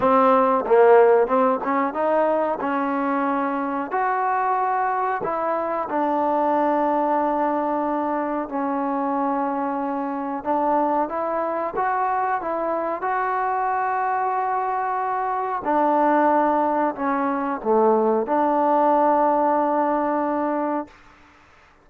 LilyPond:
\new Staff \with { instrumentName = "trombone" } { \time 4/4 \tempo 4 = 92 c'4 ais4 c'8 cis'8 dis'4 | cis'2 fis'2 | e'4 d'2.~ | d'4 cis'2. |
d'4 e'4 fis'4 e'4 | fis'1 | d'2 cis'4 a4 | d'1 | }